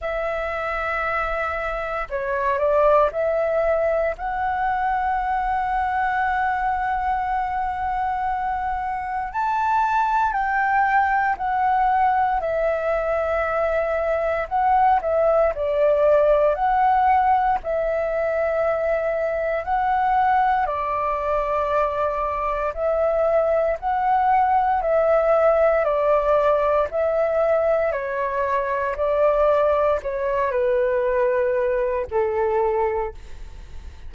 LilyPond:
\new Staff \with { instrumentName = "flute" } { \time 4/4 \tempo 4 = 58 e''2 cis''8 d''8 e''4 | fis''1~ | fis''4 a''4 g''4 fis''4 | e''2 fis''8 e''8 d''4 |
fis''4 e''2 fis''4 | d''2 e''4 fis''4 | e''4 d''4 e''4 cis''4 | d''4 cis''8 b'4. a'4 | }